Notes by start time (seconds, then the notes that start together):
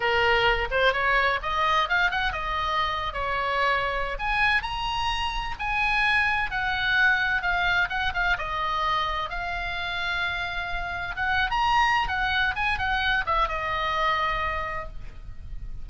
0.00 A#4
0.70 C5
0.93 C#5
1.42 D#5
1.88 F5
2.10 F#5
2.32 D#5
3.13 C#5
4.18 G#5
4.62 A#5
5.59 G#5
6.51 F#5
7.42 F5
7.89 F#5
8.14 F5
8.37 D#5
9.29 F5
11.16 F#5
11.50 A#5
12.08 F#5
12.55 G#5
12.78 F#5
13.26 E5
13.48 D#5